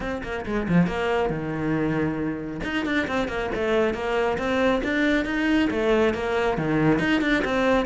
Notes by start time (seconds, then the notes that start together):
0.00 C4
0.23 A#3
0.45 G#3
0.68 F3
0.86 A#3
1.29 D#3
2.63 D#4
2.85 D4
3.07 C4
3.28 A#3
3.54 A3
3.93 A#3
4.38 C4
4.83 D4
5.25 D#4
5.70 A3
6.13 A#3
6.57 D#3
6.99 D#4
7.21 D4
7.44 C4